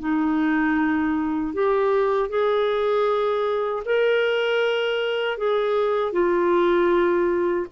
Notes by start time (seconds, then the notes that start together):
0.00 D#4
1.54 G4
2.30 G#4
3.86 A#4
5.38 G#4
6.13 F4